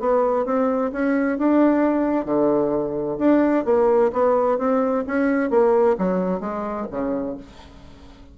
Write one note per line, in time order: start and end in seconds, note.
0.00 0.46 B3
0.46 0.92 C4
0.93 1.38 C#4
1.38 2.26 D4
2.26 3.18 D3
3.19 3.65 D4
3.65 4.12 A#3
4.13 4.59 B3
4.59 5.05 C4
5.07 5.50 C#4
5.50 5.97 A#3
5.99 6.41 F#3
6.41 6.87 G#3
6.91 7.37 C#3